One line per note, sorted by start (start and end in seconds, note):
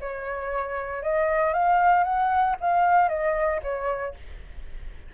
0.00 1.03 C#5
1.03 1.54 D#5
1.54 2.04 F5
2.04 2.56 F#5
2.61 3.09 F5
3.09 3.60 D#5
3.63 4.14 C#5